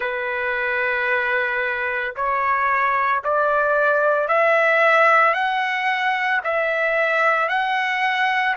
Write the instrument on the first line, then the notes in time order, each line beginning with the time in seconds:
trumpet
0.00 B4
2.15 C#5
3.24 D5
4.28 E5
5.33 F#5
6.43 E5
7.48 F#5